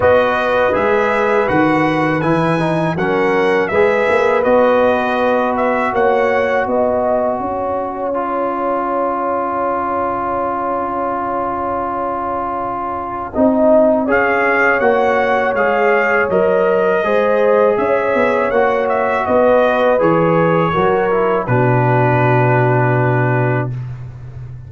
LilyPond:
<<
  \new Staff \with { instrumentName = "trumpet" } { \time 4/4 \tempo 4 = 81 dis''4 e''4 fis''4 gis''4 | fis''4 e''4 dis''4. e''8 | fis''4 gis''2.~ | gis''1~ |
gis''2. f''4 | fis''4 f''4 dis''2 | e''4 fis''8 e''8 dis''4 cis''4~ | cis''4 b'2. | }
  \new Staff \with { instrumentName = "horn" } { \time 4/4 b'1 | ais'4 b'2. | cis''4 dis''4 cis''2~ | cis''1~ |
cis''2 dis''4 cis''4~ | cis''2. c''4 | cis''2 b'2 | ais'4 fis'2. | }
  \new Staff \with { instrumentName = "trombone" } { \time 4/4 fis'4 gis'4 fis'4 e'8 dis'8 | cis'4 gis'4 fis'2~ | fis'2. f'4~ | f'1~ |
f'2 dis'4 gis'4 | fis'4 gis'4 ais'4 gis'4~ | gis'4 fis'2 gis'4 | fis'8 e'8 d'2. | }
  \new Staff \with { instrumentName = "tuba" } { \time 4/4 b4 gis4 dis4 e4 | fis4 gis8 ais8 b2 | ais4 b4 cis'2~ | cis'1~ |
cis'2 c'4 cis'4 | ais4 gis4 fis4 gis4 | cis'8 b8 ais4 b4 e4 | fis4 b,2. | }
>>